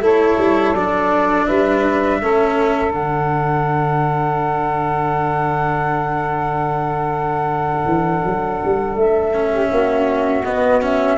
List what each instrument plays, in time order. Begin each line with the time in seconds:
0.00 tuba A3, cello E4, saxophone A4, flute C#5
0.38 tuba G3
0.74 tuba F#3, cello D4, flute D5
1.46 tuba G3, saxophone B4, flute E5
2.21 tuba A3, cello C#4, saxophone A4
2.91 tuba D3, cello D4, flute F#5
7.85 tuba E3
8.24 tuba F#3
8.64 tuba G3
8.95 tuba A3, flute E5
9.33 cello C#4
9.50 saxophone G4
9.70 tuba A#3, saxophone F#4
10.45 cello B3, tuba B3, flute D#5
10.82 cello C#4, flute E5